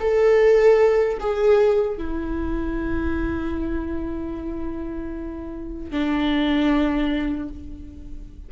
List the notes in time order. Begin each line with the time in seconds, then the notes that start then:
0.00 A4
1.20 G#4
1.98 E4
5.91 D4